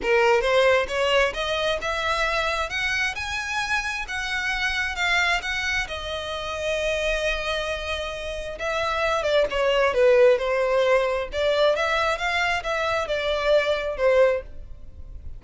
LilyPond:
\new Staff \with { instrumentName = "violin" } { \time 4/4 \tempo 4 = 133 ais'4 c''4 cis''4 dis''4 | e''2 fis''4 gis''4~ | gis''4 fis''2 f''4 | fis''4 dis''2.~ |
dis''2. e''4~ | e''8 d''8 cis''4 b'4 c''4~ | c''4 d''4 e''4 f''4 | e''4 d''2 c''4 | }